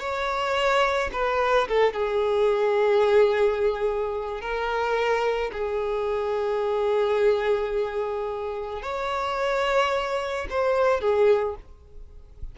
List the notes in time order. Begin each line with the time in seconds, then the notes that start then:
0.00 C#5
1.13 B4
1.68 A4
1.93 G#4
4.41 A#4
5.52 G#4
8.82 C#5
10.50 C5
11.01 G#4